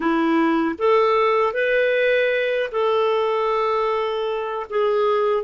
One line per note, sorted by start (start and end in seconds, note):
0.00 0.75 E4
0.78 1.53 A4
1.53 2.70 B4
2.71 4.66 A4
4.69 5.43 G#4